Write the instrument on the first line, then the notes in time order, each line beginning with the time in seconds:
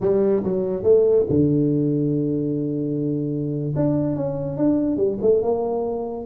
tuba
0.00 G3
0.43 F#3
0.83 A3
1.29 D3
3.75 D4
4.16 C#4
4.57 D4
4.96 G3
5.21 A3
5.42 A#3